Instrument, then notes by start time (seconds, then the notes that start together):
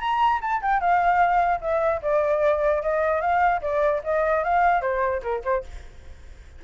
flute
0.00 A#5
0.42 A5
0.62 G5
0.81 F5
1.61 E5
2.02 D5
2.82 D#5
3.21 F5
3.62 D5
4.04 D#5
4.44 F5
4.82 C5
5.23 A#4
5.44 C5